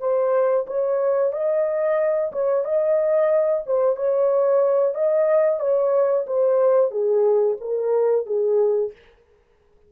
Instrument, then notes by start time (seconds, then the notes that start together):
horn
0.00 C5
0.67 C#5
1.33 D#5
2.32 C#5
2.65 D#5
3.67 C5
3.97 C#5
4.95 D#5
5.60 C#5
6.27 C5
6.91 G#4
7.61 A#4
8.27 G#4